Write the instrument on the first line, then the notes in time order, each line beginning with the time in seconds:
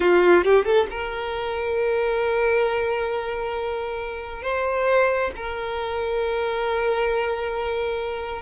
violin
0.00 F4
0.44 G4
0.64 A4
0.90 A#4
4.42 C5
5.36 A#4